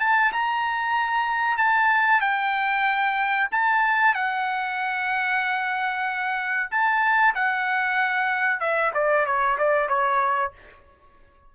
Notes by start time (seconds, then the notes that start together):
0.00 A5
0.32 A#5
1.58 A5
2.21 G5
3.51 A5
4.14 F#5
6.71 A5
7.35 F#5
8.60 E5
8.94 D5
9.26 C#5
9.58 D5
9.88 C#5